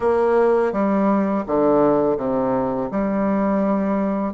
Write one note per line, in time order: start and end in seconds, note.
0.00 0.72 A#3
0.72 1.44 G3
1.46 2.17 D3
2.17 2.89 C3
2.91 4.33 G3